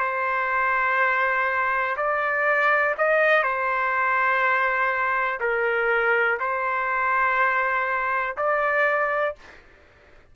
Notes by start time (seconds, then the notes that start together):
0.00 C5
1.97 D5
2.98 D#5
3.43 C5
5.41 A#4
6.40 C5
8.37 D5